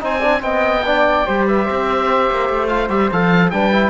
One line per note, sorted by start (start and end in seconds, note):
0.00 0.42 C4
0.00 0.21 D#4
0.00 0.18 C5
0.00 0.42 G#5
0.18 0.39 D4
0.18 0.39 D5
0.39 1.24 B3
0.39 0.80 C4
0.39 0.84 D#5
0.39 1.45 G5
0.86 1.27 D4
0.86 1.26 D5
1.26 1.69 G3
1.26 2.69 G4
1.26 1.47 C5
1.47 1.64 B4
1.47 2.67 E5
1.64 2.30 C4
1.64 3.49 C5
2.30 2.49 A#3
2.49 2.89 A3
2.67 2.89 F4
2.67 2.88 F5
2.89 3.10 G3
2.89 3.10 G4
2.89 3.10 E5
3.11 3.52 F3
3.11 3.52 A4
3.11 3.50 F5
3.50 3.90 G3
3.50 3.72 D4
3.50 3.90 B4
3.50 3.90 G5
3.72 3.90 E4